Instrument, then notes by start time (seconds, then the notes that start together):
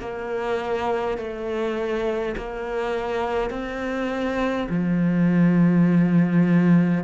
cello
0.00 A#3
1.18 A3
2.37 A#3
3.50 C4
4.69 F3